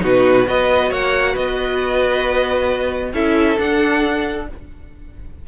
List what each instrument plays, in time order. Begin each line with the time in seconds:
0.00 cello B2, viola D#4, violin F#4 B4
0.45 cello B3, viola F#4, violin B4 D#5
0.90 cello A#3, violin C#5 F#5
1.32 cello B3, violin B4 D#5
3.13 cello C#4, viola E4, violin A4 E5
3.57 viola D4, cello D4, violin F#5